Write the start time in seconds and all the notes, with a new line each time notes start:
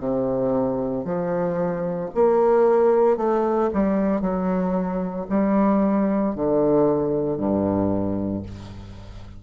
0.00 C3
1.05 F3
2.15 A#3
3.17 A3
3.74 G3
4.21 F#3
5.30 G3
6.35 D3
7.38 G2